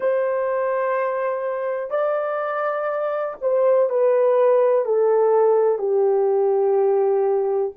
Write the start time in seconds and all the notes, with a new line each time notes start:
0.00 C5
1.90 D5
3.41 C5
3.89 B4
4.85 A4
5.78 G4